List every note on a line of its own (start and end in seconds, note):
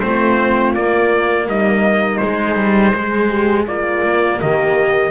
0.00 0.74 A3
0.00 0.75 C4
0.00 1.48 F4
0.00 0.73 C5
0.74 1.47 A#3
0.74 2.22 A#3
0.74 1.48 D5
1.47 2.20 G3
1.47 2.93 D#4
1.47 2.18 D#5
2.18 4.04 G#3
2.18 2.55 G#3
2.18 3.64 C5
2.55 2.92 G3
2.93 3.67 G#3
2.93 3.28 G#4
3.28 3.65 G4
3.67 5.11 A#3
3.67 4.40 F4
3.67 4.40 D5
4.04 4.40 A#3
4.41 5.11 D#3
4.41 5.11 G4
4.41 5.11 D#5